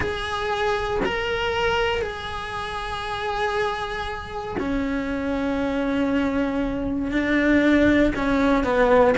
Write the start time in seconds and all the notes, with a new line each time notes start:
0.00 G#4
1.04 A#4
2.01 G#4
4.59 C#4
7.11 D4
8.15 C#4
8.63 B3